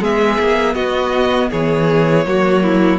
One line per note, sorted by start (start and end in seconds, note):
0.00 0.38 G#3
0.00 2.26 B3
0.00 0.75 G#4
0.00 0.74 E5
0.39 0.74 A#3
0.74 1.49 B3
0.74 1.50 F#4
0.74 1.49 D#5
1.50 2.25 E3
1.50 2.25 G#4
1.50 2.99 C#5
2.25 2.99 F#3
2.25 2.99 A#3
2.25 2.63 F#4
2.63 2.99 E4